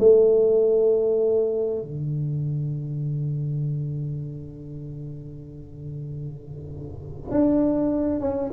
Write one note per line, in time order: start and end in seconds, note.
0.00 1.82 A3
1.82 7.31 D3
7.31 8.20 D4
8.20 8.51 C#4